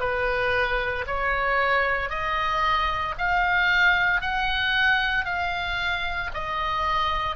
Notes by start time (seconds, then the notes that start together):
0.00 B4
1.07 C#5
2.10 D#5
3.18 F5
4.21 F#5
5.25 F5
6.34 D#5